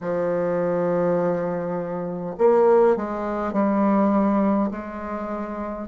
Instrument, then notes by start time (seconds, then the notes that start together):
bassoon
0.01 F3
2.38 A#3
2.96 G#3
3.52 G3
4.71 G#3